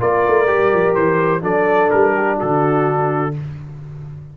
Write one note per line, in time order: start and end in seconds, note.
0.00 0.26 A#3
0.00 0.47 F4
0.00 1.43 A#4
0.00 0.94 D5
0.27 0.50 A3
0.47 0.73 G3
0.47 1.41 G4
0.73 0.95 F3
0.94 1.43 E3
0.94 1.42 C5
1.41 1.91 F#3
1.41 3.32 D4
1.41 2.14 A4
1.41 1.90 D5
1.90 2.41 G3
1.90 2.38 A#4
2.17 2.37 G4
2.37 3.37 D3
2.37 3.32 F#4
2.37 3.36 A4